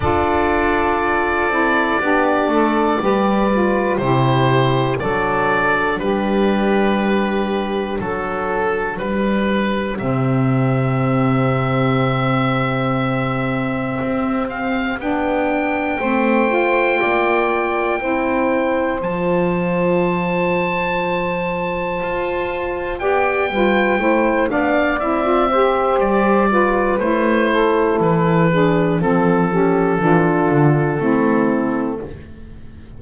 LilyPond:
<<
  \new Staff \with { instrumentName = "oboe" } { \time 4/4 \tempo 4 = 60 d''1 | c''4 d''4 b'2 | a'4 b'4 e''2~ | e''2~ e''8 f''8 g''4~ |
g''2. a''4~ | a''2. g''4~ | g''8 f''8 e''4 d''4 c''4 | b'4 a'2. | }
  \new Staff \with { instrumentName = "saxophone" } { \time 4/4 a'2 g'8 a'8 b'4 | g'4 a'4 g'2 | a'4 g'2.~ | g'1 |
c''4 d''4 c''2~ | c''2. d''8 b'8 | c''8 d''4 c''4 b'4 a'8~ | a'8 gis'8 a'8 g'8 f'4 e'4 | }
  \new Staff \with { instrumentName = "saxophone" } { \time 4/4 f'4. e'8 d'4 g'8 f'8 | e'4 d'2.~ | d'2 c'2~ | c'2. d'4 |
c'8 f'4. e'4 f'4~ | f'2. g'8 f'8 | e'8 d'8 e'16 f'16 g'4 f'8 e'4~ | e'8 d'8 c'8 cis'8 d'4 c'4 | }
  \new Staff \with { instrumentName = "double bass" } { \time 4/4 d'4. c'8 b8 a8 g4 | c4 fis4 g2 | fis4 g4 c2~ | c2 c'4 b4 |
a4 ais4 c'4 f4~ | f2 f'4 b8 g8 | a8 b8 c'4 g4 a4 | e4 f4 e8 d8 a4 | }
>>